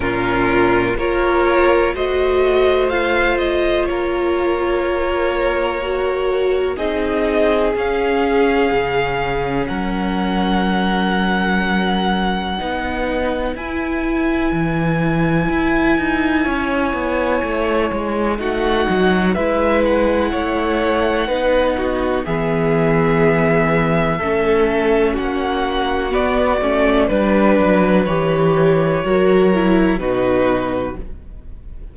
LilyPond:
<<
  \new Staff \with { instrumentName = "violin" } { \time 4/4 \tempo 4 = 62 ais'4 cis''4 dis''4 f''8 dis''8 | cis''2. dis''4 | f''2 fis''2~ | fis''2 gis''2~ |
gis''2. fis''4 | e''8 fis''2~ fis''8 e''4~ | e''2 fis''4 d''4 | b'4 cis''2 b'4 | }
  \new Staff \with { instrumentName = "violin" } { \time 4/4 f'4 ais'4 c''2 | ais'2. gis'4~ | gis'2 ais'2~ | ais'4 b'2.~ |
b'4 cis''2 fis'4 | b'4 cis''4 b'8 fis'8 gis'4~ | gis'4 a'4 fis'2 | b'2 ais'4 fis'4 | }
  \new Staff \with { instrumentName = "viola" } { \time 4/4 cis'4 f'4 fis'4 f'4~ | f'2 fis'4 dis'4 | cis'1~ | cis'4 dis'4 e'2~ |
e'2. dis'4 | e'2 dis'4 b4~ | b4 cis'2 b8 cis'8 | d'4 g'4 fis'8 e'8 dis'4 | }
  \new Staff \with { instrumentName = "cello" } { \time 4/4 ais,4 ais4 a2 | ais2. c'4 | cis'4 cis4 fis2~ | fis4 b4 e'4 e4 |
e'8 dis'8 cis'8 b8 a8 gis8 a8 fis8 | gis4 a4 b4 e4~ | e4 a4 ais4 b8 a8 | g8 fis8 e4 fis4 b,4 | }
>>